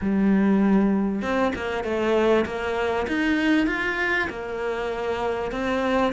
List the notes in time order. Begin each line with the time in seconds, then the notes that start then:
0.01 G3
1.21 C4
1.55 A#3
1.83 A3
2.45 A#3
3.07 D#4
3.67 F4
4.29 A#3
5.51 C4